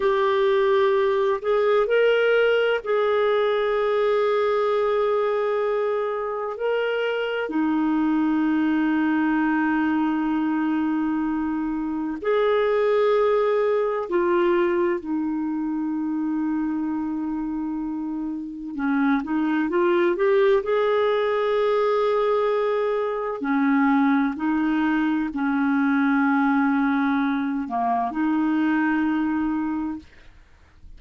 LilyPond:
\new Staff \with { instrumentName = "clarinet" } { \time 4/4 \tempo 4 = 64 g'4. gis'8 ais'4 gis'4~ | gis'2. ais'4 | dis'1~ | dis'4 gis'2 f'4 |
dis'1 | cis'8 dis'8 f'8 g'8 gis'2~ | gis'4 cis'4 dis'4 cis'4~ | cis'4. ais8 dis'2 | }